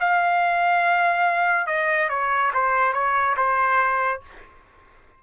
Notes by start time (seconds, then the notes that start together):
0.00 F5
1.67 D#5
2.09 C#5
2.54 C5
2.93 C#5
3.36 C5